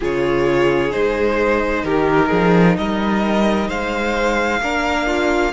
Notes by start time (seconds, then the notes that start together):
0.00 C#3 F4 G#4 C#5
0.91 G#3 D#4 C5
1.83 D#3 G4 A#4
2.28 F3 G#4
2.77 G3 A#4 D#5
3.67 G#3 C5 F5
4.60 A#3 D4 A#4
5.06 F4